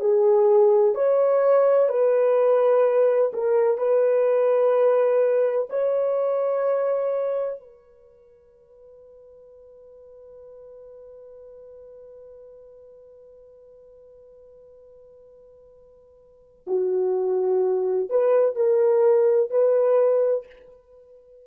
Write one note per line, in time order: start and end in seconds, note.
0.00 0.94 G#4
0.94 1.89 C#5
1.89 3.32 B4
3.33 3.77 A#4
3.77 5.68 B4
5.70 7.60 C#5
7.60 16.65 B4
16.67 18.10 F#4
18.10 18.55 B4
18.55 19.51 A#4
19.51 20.46 B4